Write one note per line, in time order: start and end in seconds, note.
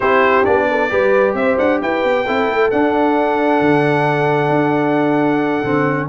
0.00 0.46 C4
0.00 0.44 E4
0.00 0.67 G4
0.00 0.44 C5
0.44 0.91 B3
0.44 0.89 D4
0.44 1.35 D5
0.70 0.90 A4
0.89 1.34 G3
0.89 2.25 G4
0.89 1.35 B4
1.34 1.56 C4
1.34 1.81 C5
1.34 1.57 E5
1.58 1.81 D4
1.58 1.80 F#5
1.81 2.03 E4
1.81 2.25 B4
1.81 2.70 G5
2.03 2.26 B3
2.25 2.48 C4
2.25 2.72 E4
2.25 6.08 A4
2.48 2.71 A3
2.70 5.64 D4
2.70 3.60 D4
2.70 6.08 F#5
3.60 4.49 D3
4.49 5.61 D4
5.63 6.08 D3
5.63 6.08 C4